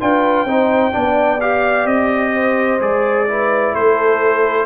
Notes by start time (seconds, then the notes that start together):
0.00 D4 F4 B4 G5
0.45 C4 D#4 C5
0.92 B3 D4 D5
1.41 G4 F5
1.86 C4 D#5
2.34 C5
2.80 G#3 G#4 D5
3.28 E4 B4
3.74 A3 A4 C5